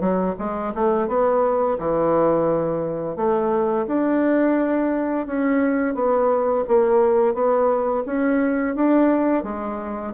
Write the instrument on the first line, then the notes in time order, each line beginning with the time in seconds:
bassoon
0.00 F#3
0.38 G#3
0.75 A3
1.08 B3
1.79 E3
3.16 A3
3.88 D4
5.26 C#4
5.95 B3
6.68 A#3
7.34 B3
8.06 C#4
8.75 D4
9.43 G#3